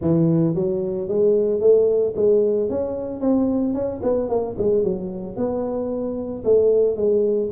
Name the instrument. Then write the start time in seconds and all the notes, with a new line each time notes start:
tuba
0.01 E3
0.55 F#3
1.08 G#3
1.60 A3
2.16 G#3
2.69 C#4
3.20 C4
3.74 C#4
4.03 B3
4.29 A#3
4.58 G#3
4.83 F#3
5.36 B3
6.44 A3
6.96 G#3